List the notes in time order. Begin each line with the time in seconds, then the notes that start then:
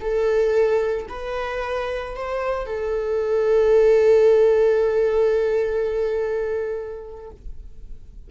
0.00 A4
1.08 B4
2.15 C5
2.66 A4